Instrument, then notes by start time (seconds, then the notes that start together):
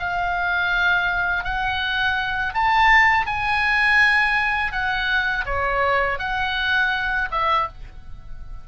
oboe
0.00 F5
1.44 F#5
2.54 A5
3.27 G#5
4.72 F#5
5.46 C#5
6.19 F#5
7.32 E5